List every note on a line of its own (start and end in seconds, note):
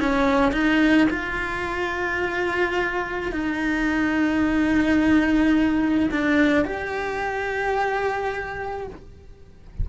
0.00 0.53 C#4
0.53 1.08 D#4
1.11 3.32 F4
3.32 6.10 D#4
6.12 6.65 D4
6.65 8.87 G4